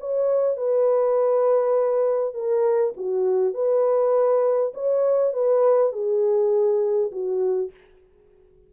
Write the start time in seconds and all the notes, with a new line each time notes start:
0.00 C#5
0.57 B4
2.34 A#4
2.97 F#4
3.54 B4
4.74 C#5
5.33 B4
5.92 G#4
7.12 F#4